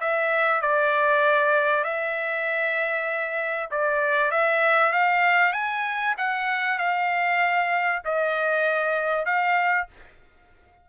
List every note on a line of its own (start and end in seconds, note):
0.00 0.61 E5
0.61 1.84 D5
1.84 3.69 E5
3.71 4.31 D5
4.31 4.92 E5
4.92 5.53 F5
5.53 6.15 G#5
6.17 6.78 F#5
6.78 8.02 F5
8.04 9.25 D#5
9.25 9.87 F5